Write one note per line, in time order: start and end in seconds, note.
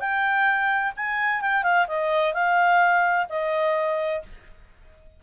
0.00 0.93 G5
0.96 1.41 G#5
1.41 1.63 G5
1.63 1.87 F5
1.88 2.34 D#5
2.34 3.27 F5
3.29 4.22 D#5